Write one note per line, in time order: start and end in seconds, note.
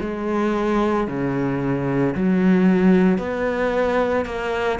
0.00 1.07 G#3
1.07 2.14 C#3
2.15 3.18 F#3
3.18 4.25 B3
4.26 4.79 A#3